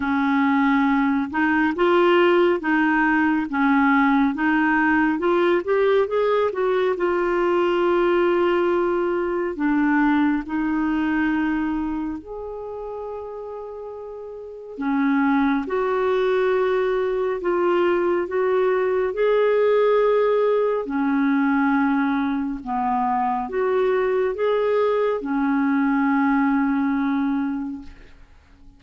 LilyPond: \new Staff \with { instrumentName = "clarinet" } { \time 4/4 \tempo 4 = 69 cis'4. dis'8 f'4 dis'4 | cis'4 dis'4 f'8 g'8 gis'8 fis'8 | f'2. d'4 | dis'2 gis'2~ |
gis'4 cis'4 fis'2 | f'4 fis'4 gis'2 | cis'2 b4 fis'4 | gis'4 cis'2. | }